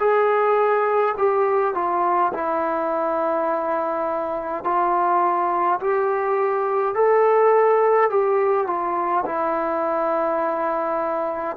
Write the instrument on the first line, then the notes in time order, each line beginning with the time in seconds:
trombone
0.00 G#4
1.17 G4
1.75 F4
2.33 E4
4.64 F4
5.81 G4
6.95 A4
8.10 G4
8.67 F4
9.26 E4